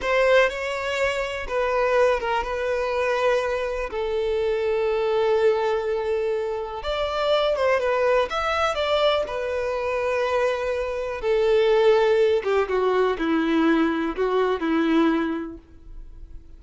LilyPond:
\new Staff \with { instrumentName = "violin" } { \time 4/4 \tempo 4 = 123 c''4 cis''2 b'4~ | b'8 ais'8 b'2. | a'1~ | a'2 d''4. c''8 |
b'4 e''4 d''4 b'4~ | b'2. a'4~ | a'4. g'8 fis'4 e'4~ | e'4 fis'4 e'2 | }